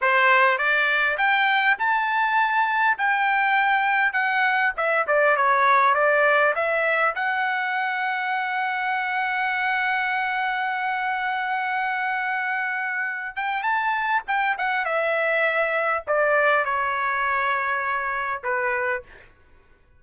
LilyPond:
\new Staff \with { instrumentName = "trumpet" } { \time 4/4 \tempo 4 = 101 c''4 d''4 g''4 a''4~ | a''4 g''2 fis''4 | e''8 d''8 cis''4 d''4 e''4 | fis''1~ |
fis''1~ | fis''2~ fis''8 g''8 a''4 | g''8 fis''8 e''2 d''4 | cis''2. b'4 | }